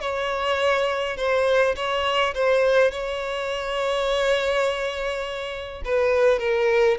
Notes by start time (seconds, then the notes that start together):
0.00 C#5
1.17 C5
1.76 C#5
2.34 C5
2.91 C#5
5.84 B4
6.39 A#4